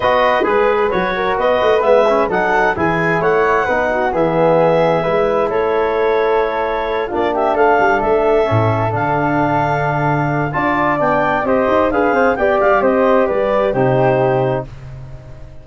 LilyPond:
<<
  \new Staff \with { instrumentName = "clarinet" } { \time 4/4 \tempo 4 = 131 dis''4 b'4 cis''4 dis''4 | e''4 fis''4 gis''4 fis''4~ | fis''4 e''2. | cis''2.~ cis''8 d''8 |
e''8 f''4 e''2 f''8~ | f''2. a''4 | g''4 dis''4 f''4 g''8 f''8 | dis''4 d''4 c''2 | }
  \new Staff \with { instrumentName = "flute" } { \time 4/4 b'2~ b'8 ais'8 b'4~ | b'4 a'4 gis'4 cis''4 | b'8 fis'8 gis'2 b'4 | a'2.~ a'8 f'8 |
g'8 a'2.~ a'8~ | a'2. d''4~ | d''4 c''4 b'8 c''8 d''4 | c''4 b'4 g'2 | }
  \new Staff \with { instrumentName = "trombone" } { \time 4/4 fis'4 gis'4 fis'2 | b8 cis'8 dis'4 e'2 | dis'4 b2 e'4~ | e'2.~ e'8 d'8~ |
d'2~ d'8 cis'4 d'8~ | d'2. f'4 | d'4 g'4 gis'4 g'4~ | g'2 dis'2 | }
  \new Staff \with { instrumentName = "tuba" } { \time 4/4 b4 gis4 fis4 b8 a8 | gis4 fis4 e4 a4 | b4 e2 gis4 | a2.~ a8 ais8~ |
ais8 a8 g8 a4 a,4 d8~ | d2. d'4 | b4 c'8 dis'8 d'8 c'8 b8 g8 | c'4 g4 c2 | }
>>